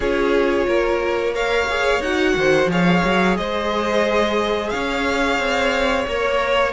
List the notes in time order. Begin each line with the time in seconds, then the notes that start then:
0.00 C#4 F4 G#4 C#5
0.67 A#3 A#4
1.34 A#4 C#5 F5
1.69 G#4
2.00 D#4 F#4 F#5
2.36 D#3 C5
2.67 F3 G#4 C#5 F5
3.04 F#3
3.36 G#3 C5 D#5
4.69 C#4 C#5 F5
5.38 C4
6.07 A#3 A#4 C#5